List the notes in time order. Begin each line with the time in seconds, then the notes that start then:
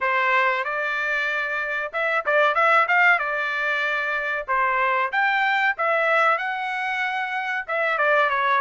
0.00 C5
0.64 D5
1.92 E5
2.25 D5
2.54 E5
2.88 F5
3.19 D5
4.47 C5
5.12 G5
5.77 E5
6.38 F#5
7.67 E5
7.98 D5
8.29 C#5